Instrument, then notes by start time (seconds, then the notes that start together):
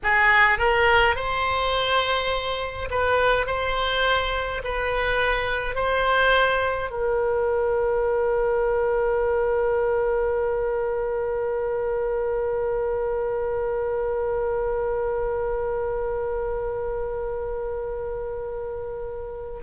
oboe
0.03 G#4
0.58 A#4
1.15 C5
2.90 B4
3.46 C5
4.64 B4
5.75 C5
6.90 A#4